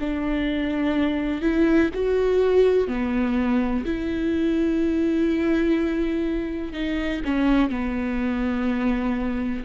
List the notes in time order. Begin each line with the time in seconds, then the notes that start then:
0.00 D4
1.42 E4
1.94 F#4
2.88 B3
3.85 E4
6.73 D#4
7.25 C#4
7.70 B3